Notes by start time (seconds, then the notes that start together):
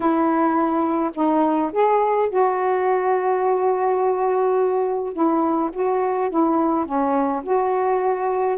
0.00 E4
1.14 D#4
1.72 G#4
2.29 F#4
5.13 E4
5.72 F#4
6.29 E4
6.85 C#4
7.43 F#4